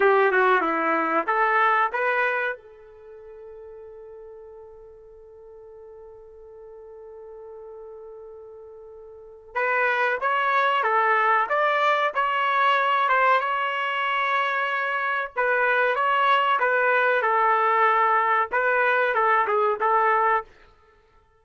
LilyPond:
\new Staff \with { instrumentName = "trumpet" } { \time 4/4 \tempo 4 = 94 g'8 fis'8 e'4 a'4 b'4 | a'1~ | a'1~ | a'2. b'4 |
cis''4 a'4 d''4 cis''4~ | cis''8 c''8 cis''2. | b'4 cis''4 b'4 a'4~ | a'4 b'4 a'8 gis'8 a'4 | }